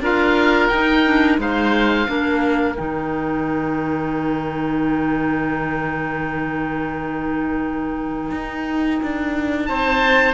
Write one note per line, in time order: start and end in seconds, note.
0.00 0.69 D4
0.00 0.71 F4
0.00 1.40 A#4
0.00 0.68 F5
0.68 1.38 D#4
0.68 1.05 D#4
0.68 1.36 G5
1.05 1.39 D4
1.38 2.07 G#3
1.38 2.06 D#4
1.38 2.09 C5
1.38 2.76 F5
2.06 2.78 A#3
2.06 2.75 D4
2.06 9.68 A#4
2.76 8.31 D#3
2.76 10.34 D#4
2.76 9.65 G5
8.31 9.00 D#4
9.02 9.69 D4
9.65 10.34 C4
9.65 10.34 C5
9.65 10.34 A5